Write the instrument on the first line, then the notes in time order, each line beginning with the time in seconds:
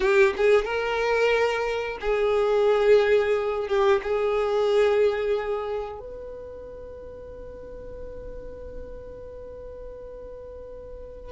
violin
0.00 G4
0.37 G#4
0.65 A#4
2.01 G#4
3.67 G4
4.02 G#4
5.99 B4